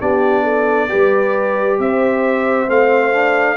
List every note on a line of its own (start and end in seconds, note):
0.00 0.90 B3
0.00 0.89 D4
0.00 0.43 G4
0.00 1.80 D5
0.43 0.88 A4
0.89 1.79 G3
0.89 2.68 G4
0.89 1.79 B4
1.79 2.68 C4
1.79 3.57 C5
1.79 2.70 E5
2.68 3.57 A3
2.68 3.12 C4
2.68 3.57 F5
3.13 3.57 D4